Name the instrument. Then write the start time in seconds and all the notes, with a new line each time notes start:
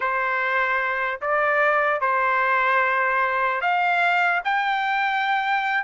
trumpet
0.00 C5
1.21 D5
2.00 C5
3.61 F5
4.44 G5